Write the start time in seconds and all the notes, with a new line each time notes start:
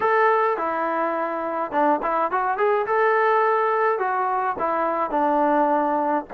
0.00 A4
0.57 E4
1.71 D4
2.02 E4
2.31 F#4
2.57 G#4
2.86 A4
3.98 F#4
4.58 E4
5.10 D4